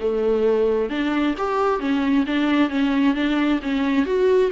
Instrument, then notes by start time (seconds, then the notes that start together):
viola
0.00 A3
0.89 D4
1.38 G4
1.80 C#4
2.27 D4
2.70 C#4
3.15 D4
3.63 C#4
4.06 F#4